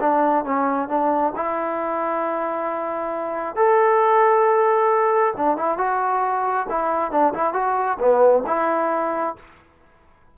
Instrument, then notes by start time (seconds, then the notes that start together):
trombone
0.00 D4
0.44 C#4
0.88 D4
1.36 E4
3.56 A4
5.36 D4
5.57 E4
5.78 F#4
6.69 E4
7.11 D4
7.33 E4
7.53 F#4
7.99 B3
8.46 E4